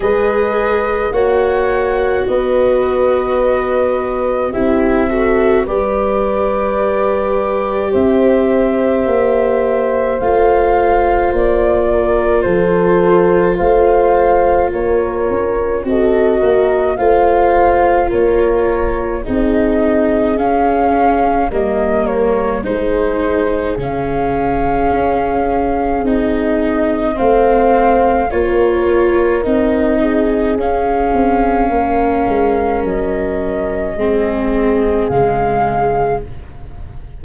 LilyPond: <<
  \new Staff \with { instrumentName = "flute" } { \time 4/4 \tempo 4 = 53 dis''4 fis''4 dis''2 | e''4 d''2 e''4~ | e''4 f''4 d''4 c''4 | f''4 cis''4 dis''4 f''4 |
cis''4 dis''4 f''4 dis''8 cis''8 | c''4 f''2 dis''4 | f''4 cis''4 dis''4 f''4~ | f''4 dis''2 f''4 | }
  \new Staff \with { instrumentName = "horn" } { \time 4/4 b'4 cis''4 b'2 | g'8 a'8 b'2 c''4~ | c''2~ c''8 ais'8 a'4 | c''4 ais'4 a'8 ais'8 c''4 |
ais'4 gis'2 ais'4 | gis'1 | c''4 ais'4. gis'4. | ais'2 gis'2 | }
  \new Staff \with { instrumentName = "viola" } { \time 4/4 gis'4 fis'2. | e'8 fis'8 g'2.~ | g'4 f'2.~ | f'2 fis'4 f'4~ |
f'4 dis'4 cis'4 ais4 | dis'4 cis'2 dis'4 | c'4 f'4 dis'4 cis'4~ | cis'2 c'4 gis4 | }
  \new Staff \with { instrumentName = "tuba" } { \time 4/4 gis4 ais4 b2 | c'4 g2 c'4 | ais4 a4 ais4 f4 | a4 ais8 cis'8 c'8 ais8 a4 |
ais4 c'4 cis'4 g4 | gis4 cis4 cis'4 c'4 | a4 ais4 c'4 cis'8 c'8 | ais8 gis8 fis4 gis4 cis4 | }
>>